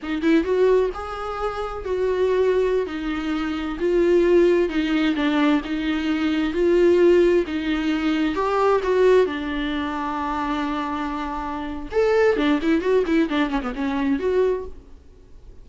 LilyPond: \new Staff \with { instrumentName = "viola" } { \time 4/4 \tempo 4 = 131 dis'8 e'8 fis'4 gis'2 | fis'2~ fis'16 dis'4.~ dis'16~ | dis'16 f'2 dis'4 d'8.~ | d'16 dis'2 f'4.~ f'16~ |
f'16 dis'2 g'4 fis'8.~ | fis'16 d'2.~ d'8.~ | d'2 a'4 d'8 e'8 | fis'8 e'8 d'8 cis'16 b16 cis'4 fis'4 | }